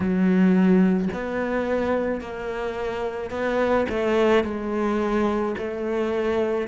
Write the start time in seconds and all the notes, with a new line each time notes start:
0.00 F#3
1.13 B3
2.20 A#3
3.30 B3
3.89 A3
4.43 G#3
5.58 A3